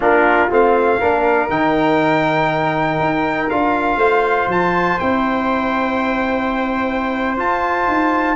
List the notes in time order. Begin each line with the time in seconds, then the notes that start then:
0.00 A#3 D4 F4 A#4
0.50 A3 C4 F5
0.99 A#3 D4 A#4
1.49 D#3 D#4 G5
2.99 D#4
3.49 D4 F4 F5
3.96 A3 C5
4.47 F3 A5
4.99 C4 E4 G5
7.36 F4 A5
7.87 D#4